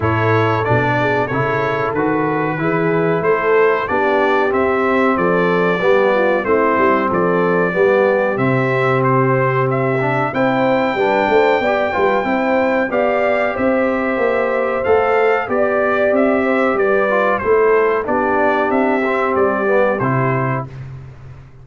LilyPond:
<<
  \new Staff \with { instrumentName = "trumpet" } { \time 4/4 \tempo 4 = 93 cis''4 d''4 cis''4 b'4~ | b'4 c''4 d''4 e''4 | d''2 c''4 d''4~ | d''4 e''4 c''4 e''4 |
g''1 | f''4 e''2 f''4 | d''4 e''4 d''4 c''4 | d''4 e''4 d''4 c''4 | }
  \new Staff \with { instrumentName = "horn" } { \time 4/4 a'4. gis'8 a'2 | gis'4 a'4 g'2 | a'4 g'8 f'8 e'4 a'4 | g'1 |
c''4 b'8 c''8 d''8 b'8 c''4 | d''4 c''2. | d''4. c''8 b'4 a'4 | g'1 | }
  \new Staff \with { instrumentName = "trombone" } { \time 4/4 e'4 d'4 e'4 fis'4 | e'2 d'4 c'4~ | c'4 b4 c'2 | b4 c'2~ c'8 d'8 |
e'4 d'4 g'8 f'8 e'4 | g'2. a'4 | g'2~ g'8 f'8 e'4 | d'4. c'4 b8 e'4 | }
  \new Staff \with { instrumentName = "tuba" } { \time 4/4 a,4 b,4 cis4 dis4 | e4 a4 b4 c'4 | f4 g4 a8 g8 f4 | g4 c2. |
c'4 g8 a8 b8 g8 c'4 | b4 c'4 ais4 a4 | b4 c'4 g4 a4 | b4 c'4 g4 c4 | }
>>